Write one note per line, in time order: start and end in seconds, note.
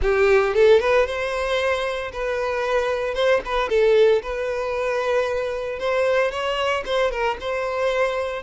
0.01 0.54 G4
0.54 0.80 A4
0.80 1.06 B4
1.06 2.11 C5
2.12 3.14 B4
3.14 3.40 C5
3.45 3.69 B4
3.69 4.22 A4
4.22 5.79 B4
5.79 6.31 C5
6.31 6.83 C#5
6.85 7.11 C5
7.11 7.37 A#4
7.40 8.42 C5